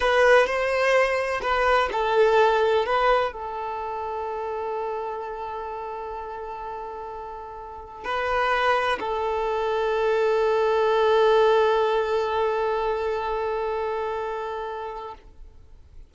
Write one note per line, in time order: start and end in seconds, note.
0.00 0.46 B4
0.46 1.40 C5
1.42 1.89 B4
1.92 2.85 A4
2.85 3.32 B4
3.32 8.04 A4
8.04 8.98 B4
9.00 15.14 A4